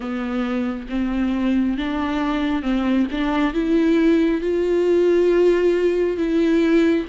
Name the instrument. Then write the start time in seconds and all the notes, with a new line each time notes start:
viola
0.00 B3
0.89 C4
1.77 D4
2.62 C4
3.11 D4
3.53 E4
4.41 F4
6.17 E4